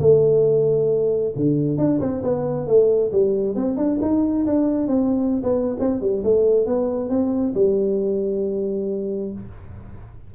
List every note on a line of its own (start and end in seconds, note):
0.00 1.33 A3
1.36 1.78 D3
1.78 2.00 D4
2.00 2.23 C4
2.23 2.67 B3
2.67 3.12 A3
3.12 3.56 G3
3.56 3.77 C4
3.77 4.00 D4
4.02 4.46 D#4
4.47 4.87 D4
4.87 5.43 C4
5.43 5.77 B3
5.80 6.01 C4
6.01 6.24 G3
6.24 6.67 A3
6.67 7.10 B3
7.10 7.54 C4
7.55 9.33 G3